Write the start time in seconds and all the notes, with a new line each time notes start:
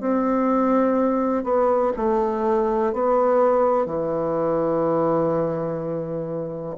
0.00 C4
1.43 B3
1.96 A3
2.93 B3
3.85 E3